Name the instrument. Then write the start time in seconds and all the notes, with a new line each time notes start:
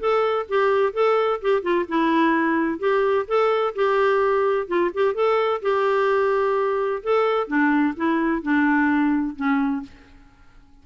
clarinet
0.00 A4
0.49 G4
0.94 A4
1.42 G4
1.63 F4
1.89 E4
2.80 G4
3.28 A4
3.75 G4
4.68 F4
4.94 G4
5.15 A4
5.62 G4
7.04 A4
7.48 D4
7.97 E4
8.43 D4
9.36 C#4